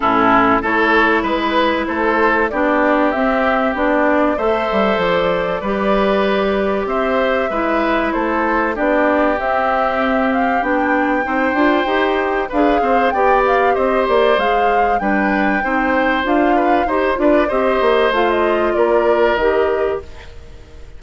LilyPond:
<<
  \new Staff \with { instrumentName = "flute" } { \time 4/4 \tempo 4 = 96 a'4 cis''4 b'4 c''4 | d''4 e''4 d''4 e''4 | d''2. e''4~ | e''4 c''4 d''4 e''4~ |
e''8 f''8 g''2. | f''4 g''8 f''8 dis''8 d''8 f''4 | g''2 f''4 c''8 d''8 | dis''4 f''16 dis''8. d''4 dis''4 | }
  \new Staff \with { instrumentName = "oboe" } { \time 4/4 e'4 a'4 b'4 a'4 | g'2. c''4~ | c''4 b'2 c''4 | b'4 a'4 g'2~ |
g'2 c''2 | b'8 c''8 d''4 c''2 | b'4 c''4. b'8 c''8 b'8 | c''2 ais'2 | }
  \new Staff \with { instrumentName = "clarinet" } { \time 4/4 cis'4 e'2. | d'4 c'4 d'4 a'4~ | a'4 g'2. | e'2 d'4 c'4~ |
c'4 d'4 dis'8 f'8 g'4 | gis'4 g'2 gis'4 | d'4 dis'4 f'4 g'8 f'8 | g'4 f'2 g'4 | }
  \new Staff \with { instrumentName = "bassoon" } { \time 4/4 a,4 a4 gis4 a4 | b4 c'4 b4 a8 g8 | f4 g2 c'4 | gis4 a4 b4 c'4~ |
c'4 b4 c'8 d'8 dis'4 | d'8 c'8 b4 c'8 ais8 gis4 | g4 c'4 d'4 dis'8 d'8 | c'8 ais8 a4 ais4 dis4 | }
>>